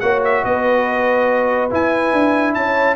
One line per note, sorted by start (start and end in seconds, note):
0.00 0.44 A#3
0.00 1.70 F#4
0.00 0.44 C#5
0.00 0.21 F#5
0.24 0.45 E5
0.45 1.71 B3
0.45 2.57 B4
0.45 1.71 D#5
1.70 2.96 E4
1.70 2.13 E4
1.70 2.54 G#5
2.13 2.55 D4
2.54 2.96 C#4
2.54 2.96 C#5
2.54 2.96 A5